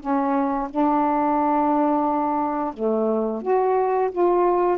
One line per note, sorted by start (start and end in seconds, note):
0.00 0.68 C#4
0.70 2.74 D4
2.74 3.42 A3
3.42 4.10 F#4
4.11 4.78 F4